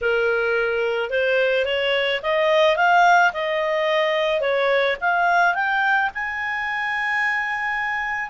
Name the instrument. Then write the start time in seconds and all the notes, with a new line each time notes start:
clarinet
0.01 A#4
1.10 C5
1.65 C#5
2.22 D#5
2.76 F5
3.33 D#5
4.40 C#5
5.01 F5
5.54 G5
6.14 G#5